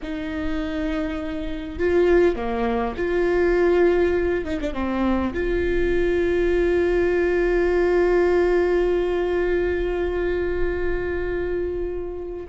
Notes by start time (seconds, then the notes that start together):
0.02 D#4
1.78 F4
2.35 A#3
2.96 F4
4.44 D#4
4.60 D4
4.73 C4
5.33 F4